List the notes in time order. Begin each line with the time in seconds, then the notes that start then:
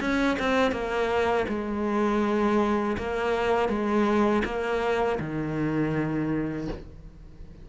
0.00 C#4
0.39 C4
0.72 A#3
1.48 G#3
2.98 A#3
3.68 G#3
4.44 A#3
5.20 D#3